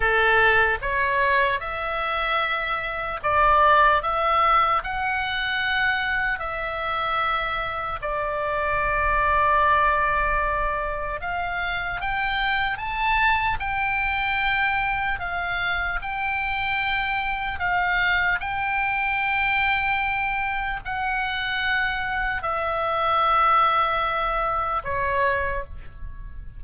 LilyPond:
\new Staff \with { instrumentName = "oboe" } { \time 4/4 \tempo 4 = 75 a'4 cis''4 e''2 | d''4 e''4 fis''2 | e''2 d''2~ | d''2 f''4 g''4 |
a''4 g''2 f''4 | g''2 f''4 g''4~ | g''2 fis''2 | e''2. cis''4 | }